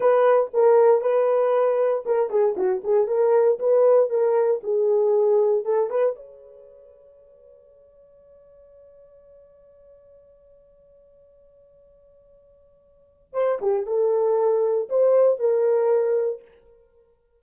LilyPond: \new Staff \with { instrumentName = "horn" } { \time 4/4 \tempo 4 = 117 b'4 ais'4 b'2 | ais'8 gis'8 fis'8 gis'8 ais'4 b'4 | ais'4 gis'2 a'8 b'8 | cis''1~ |
cis''1~ | cis''1~ | cis''2 c''8 g'8 a'4~ | a'4 c''4 ais'2 | }